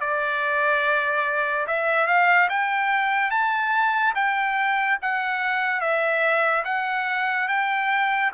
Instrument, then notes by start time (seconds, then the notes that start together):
trumpet
0.00 D5
1.67 E5
2.07 F5
2.49 G5
3.30 A5
4.15 G5
5.02 F#5
5.80 E5
6.64 F#5
7.48 G5